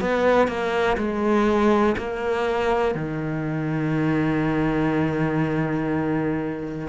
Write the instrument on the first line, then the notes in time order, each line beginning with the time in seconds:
cello
0.00 B3
0.47 A#3
0.97 G#3
1.97 A#3
2.94 D#3